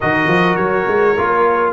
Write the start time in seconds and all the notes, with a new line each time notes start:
0.00 D#3 F#4 A#4 D#5
0.27 F3
0.56 F#3 C#5
0.87 G#3
1.17 A#3 F4